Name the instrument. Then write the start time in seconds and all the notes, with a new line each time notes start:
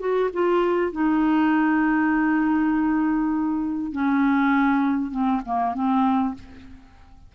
clarinet
0.00 F#4
0.33 F4
0.92 D#4
3.92 C#4
5.11 C4
5.45 A#3
5.75 C4